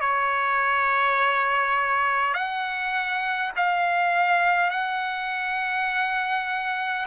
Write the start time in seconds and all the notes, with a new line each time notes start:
0.00 C#5
2.34 F#5
3.56 F5
4.70 F#5